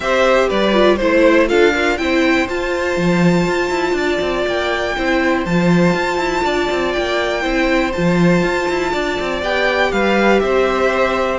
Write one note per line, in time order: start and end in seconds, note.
0.00 0.47 C4
0.00 0.72 G4
0.00 0.48 C5
0.00 0.49 E5
0.48 1.00 G3
0.48 0.97 B4
0.48 0.96 D5
0.72 0.97 F4
0.96 1.50 A3
0.96 1.47 E4
0.96 1.46 C5
0.96 1.48 C5
1.47 1.98 D4
1.47 1.72 F4
1.47 1.73 A4
1.47 1.97 F5
1.73 1.99 F4
1.73 1.98 A#4
1.97 2.48 C4
1.97 2.47 E4
1.97 3.97 C5
1.97 2.47 G5
2.48 2.96 F4
2.48 4.97 F4
2.48 4.47 A5
2.96 3.46 F3
3.46 3.70 F4
3.70 3.93 E4
3.93 4.17 D4
3.93 4.96 D5
4.21 4.46 C4
4.46 4.95 A#3
4.46 5.45 G5
4.97 5.45 C4
4.97 5.46 E4
4.97 6.43 C5
5.45 5.93 F3
5.45 7.42 F4
5.45 6.92 A5
5.93 6.17 F4
6.17 6.42 E4
6.43 6.69 D4
6.43 7.41 D5
6.71 6.95 C4
6.92 7.45 A#3
6.92 7.91 G5
7.41 7.94 C4
7.41 7.91 E4
7.41 8.90 C5
7.92 8.43 F3
7.92 9.42 F4
7.92 9.41 A5
8.43 8.68 F4
8.68 8.93 E4
8.92 9.19 D4
8.92 9.91 D5
9.20 9.42 C4
9.42 9.91 B3
9.42 11.39 G4
9.42 9.92 G5
9.92 10.42 G3
9.92 10.42 B4
9.92 10.39 F5
10.39 11.39 C4
10.39 11.39 C5
10.39 11.39 E5